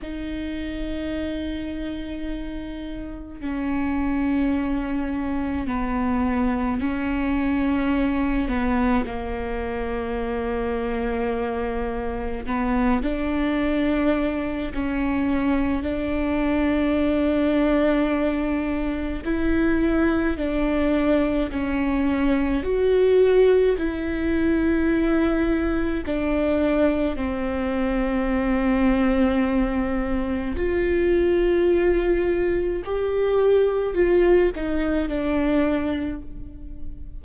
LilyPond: \new Staff \with { instrumentName = "viola" } { \time 4/4 \tempo 4 = 53 dis'2. cis'4~ | cis'4 b4 cis'4. b8 | ais2. b8 d'8~ | d'4 cis'4 d'2~ |
d'4 e'4 d'4 cis'4 | fis'4 e'2 d'4 | c'2. f'4~ | f'4 g'4 f'8 dis'8 d'4 | }